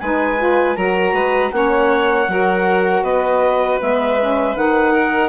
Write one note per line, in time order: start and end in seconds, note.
0.00 0.77 G#3
0.00 0.38 D#4
0.00 0.77 B4
0.00 0.76 G#5
0.38 0.75 F4
0.75 1.13 F#3
0.75 1.51 F#4
0.75 1.14 A#4
0.75 1.52 A#5
1.13 1.51 G#3
1.13 1.52 B4
1.51 2.28 A#3
1.51 2.27 C#4
1.51 2.31 C#5
1.51 3.03 F#5
2.28 3.03 F#3
2.28 3.80 F#4
2.28 3.03 A#4
3.03 3.79 B3
3.03 4.93 B4
3.03 3.79 D#5
3.80 4.56 G#3
3.80 4.18 B3
3.80 4.56 E5
4.20 4.56 C#4
4.56 5.29 D#3
4.56 5.29 D#4
4.56 5.29 F#5
4.93 5.29 A#4